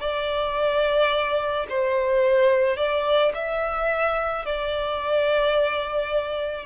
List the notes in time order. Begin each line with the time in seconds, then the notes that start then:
0.00 D5
1.69 C5
2.77 D5
3.34 E5
4.45 D5